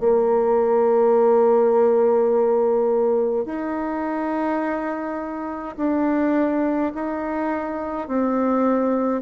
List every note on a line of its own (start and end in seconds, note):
0.00 3.45 A#3
3.45 5.76 D#4
5.77 6.92 D4
6.95 8.08 D#4
8.08 9.22 C4